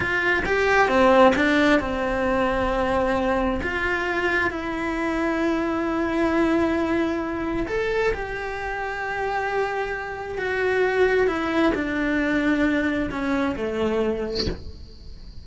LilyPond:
\new Staff \with { instrumentName = "cello" } { \time 4/4 \tempo 4 = 133 f'4 g'4 c'4 d'4 | c'1 | f'2 e'2~ | e'1~ |
e'4 a'4 g'2~ | g'2. fis'4~ | fis'4 e'4 d'2~ | d'4 cis'4 a2 | }